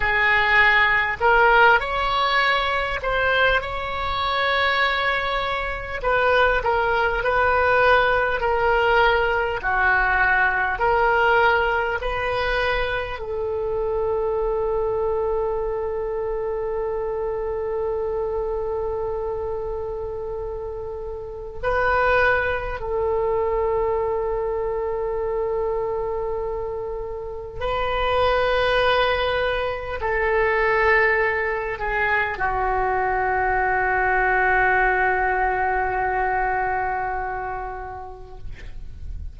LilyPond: \new Staff \with { instrumentName = "oboe" } { \time 4/4 \tempo 4 = 50 gis'4 ais'8 cis''4 c''8 cis''4~ | cis''4 b'8 ais'8 b'4 ais'4 | fis'4 ais'4 b'4 a'4~ | a'1~ |
a'2 b'4 a'4~ | a'2. b'4~ | b'4 a'4. gis'8 fis'4~ | fis'1 | }